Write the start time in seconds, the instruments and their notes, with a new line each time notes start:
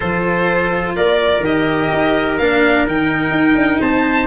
0.00 tuba F3, cello F4, trumpet A4, violin C5
0.96 tuba A#3, trumpet A#4, violin D5
1.40 tuba D#3, cello G4, violin D#5
1.92 tuba D#4
2.38 tuba A#3, cello D4, violin F5
2.86 tuba D#3, cello D#4, violin G5
3.31 tuba D#4
3.55 tuba D4
3.80 tuba C4, trumpet C5, violin A5